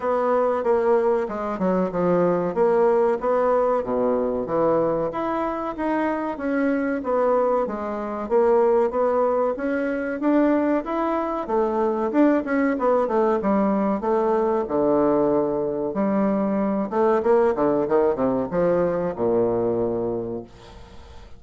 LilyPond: \new Staff \with { instrumentName = "bassoon" } { \time 4/4 \tempo 4 = 94 b4 ais4 gis8 fis8 f4 | ais4 b4 b,4 e4 | e'4 dis'4 cis'4 b4 | gis4 ais4 b4 cis'4 |
d'4 e'4 a4 d'8 cis'8 | b8 a8 g4 a4 d4~ | d4 g4. a8 ais8 d8 | dis8 c8 f4 ais,2 | }